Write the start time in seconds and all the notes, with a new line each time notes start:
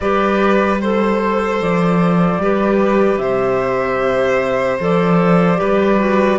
0.00 G3 G4 B4 D5
0.80 A4 C5
1.61 F3 D5
2.38 G3 G4 B4
3.17 C3 C5 E5
4.79 F3 A4 D5
5.56 G3 G4 B4
5.98 F#4